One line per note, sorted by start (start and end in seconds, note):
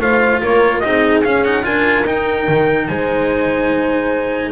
0.00 0.41 A3
0.00 0.83 F4
0.00 0.40 C5
0.00 0.42 F5
0.40 0.83 A#3
0.40 0.82 A#4
0.40 0.79 C#5
0.79 1.24 C4
0.79 1.24 D#4
0.79 1.64 G#4
0.79 1.20 D#5
1.23 1.65 C#4
1.23 1.44 C#4
1.23 1.44 F5
1.44 1.62 D#4
1.44 1.64 F#5
1.62 2.05 D4
1.62 2.04 F4
1.62 2.87 A#4
1.62 2.05 G#5
2.05 2.46 D#4
2.05 4.51 D#4
2.05 2.87 G5
2.47 2.88 D#3
2.87 4.51 G#3
2.87 4.51 C5
2.87 4.51 G#5